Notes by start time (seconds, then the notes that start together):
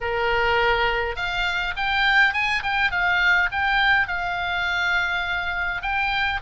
0.00 A#4
1.15 F5
1.76 G5
2.33 G#5
2.62 G5
2.91 F5
3.51 G5
4.07 F5
5.82 G5